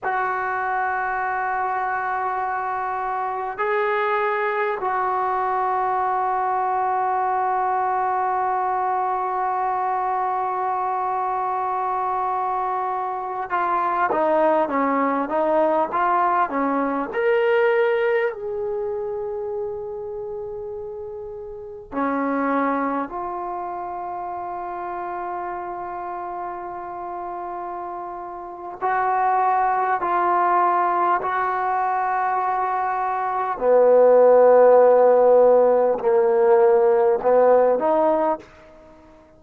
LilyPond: \new Staff \with { instrumentName = "trombone" } { \time 4/4 \tempo 4 = 50 fis'2. gis'4 | fis'1~ | fis'2.~ fis'16 f'8 dis'16~ | dis'16 cis'8 dis'8 f'8 cis'8 ais'4 gis'8.~ |
gis'2~ gis'16 cis'4 f'8.~ | f'1 | fis'4 f'4 fis'2 | b2 ais4 b8 dis'8 | }